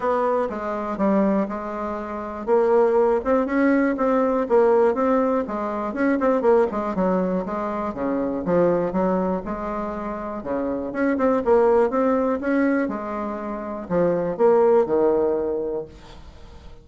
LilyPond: \new Staff \with { instrumentName = "bassoon" } { \time 4/4 \tempo 4 = 121 b4 gis4 g4 gis4~ | gis4 ais4. c'8 cis'4 | c'4 ais4 c'4 gis4 | cis'8 c'8 ais8 gis8 fis4 gis4 |
cis4 f4 fis4 gis4~ | gis4 cis4 cis'8 c'8 ais4 | c'4 cis'4 gis2 | f4 ais4 dis2 | }